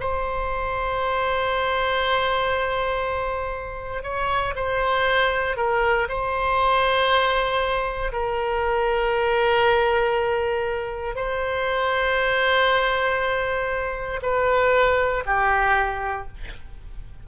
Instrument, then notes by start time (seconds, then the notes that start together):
oboe
0.00 C5
4.03 C#5
4.56 C5
5.57 A#4
6.09 C5
8.12 A#4
11.15 C5
14.22 B4
15.26 G4